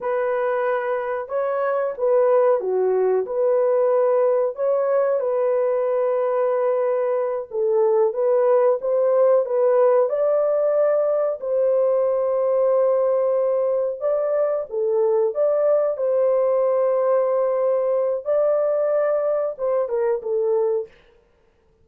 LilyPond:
\new Staff \with { instrumentName = "horn" } { \time 4/4 \tempo 4 = 92 b'2 cis''4 b'4 | fis'4 b'2 cis''4 | b'2.~ b'8 a'8~ | a'8 b'4 c''4 b'4 d''8~ |
d''4. c''2~ c''8~ | c''4. d''4 a'4 d''8~ | d''8 c''2.~ c''8 | d''2 c''8 ais'8 a'4 | }